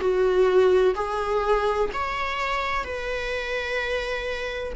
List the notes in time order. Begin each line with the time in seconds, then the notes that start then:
0.00 F#4
0.95 G#4
1.93 C#5
2.84 B4